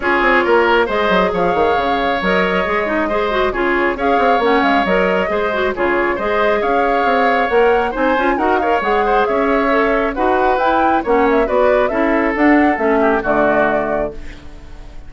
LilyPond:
<<
  \new Staff \with { instrumentName = "flute" } { \time 4/4 \tempo 4 = 136 cis''2 dis''4 f''4~ | f''4 dis''2. | cis''4 f''4 fis''8 f''8 dis''4~ | dis''4 cis''4 dis''4 f''4~ |
f''4 fis''4 gis''4 fis''8 f''8 | fis''4 e''2 fis''4 | g''4 fis''8 e''8 d''4 e''4 | fis''4 e''4 d''2 | }
  \new Staff \with { instrumentName = "oboe" } { \time 4/4 gis'4 ais'4 c''4 cis''4~ | cis''2. c''4 | gis'4 cis''2. | c''4 gis'4 c''4 cis''4~ |
cis''2 c''4 ais'8 cis''8~ | cis''8 c''8 cis''2 b'4~ | b'4 cis''4 b'4 a'4~ | a'4. g'8 fis'2 | }
  \new Staff \with { instrumentName = "clarinet" } { \time 4/4 f'2 gis'2~ | gis'4 ais'4 gis'8 dis'8 gis'8 fis'8 | f'4 gis'4 cis'4 ais'4 | gis'8 fis'8 f'4 gis'2~ |
gis'4 ais'4 dis'8 f'8 fis'8 ais'8 | gis'2 a'4 fis'4 | e'4 cis'4 fis'4 e'4 | d'4 cis'4 a2 | }
  \new Staff \with { instrumentName = "bassoon" } { \time 4/4 cis'8 c'8 ais4 gis8 fis8 f8 dis8 | cis4 fis4 gis2 | cis4 cis'8 c'8 ais8 gis8 fis4 | gis4 cis4 gis4 cis'4 |
c'4 ais4 c'8 cis'8 dis'4 | gis4 cis'2 dis'4 | e'4 ais4 b4 cis'4 | d'4 a4 d2 | }
>>